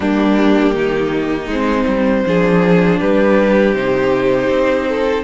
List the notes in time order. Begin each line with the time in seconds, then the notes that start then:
0.00 G3 A#3 D4 G4
0.74 D#3 D#4
1.47 G#3 C4 C5
1.87 G3
2.25 F3 D4 G#4
2.99 G3 G4 B4
3.73 C3 D#4 C5
4.49 C4
4.88 A4